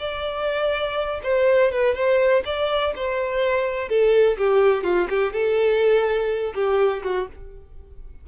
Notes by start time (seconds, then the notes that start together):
0.00 D5
1.24 C5
1.72 B4
1.95 C5
2.46 D5
2.96 C5
3.89 A4
4.38 G4
4.84 F4
5.10 G4
5.33 A4
6.55 G4
7.04 F#4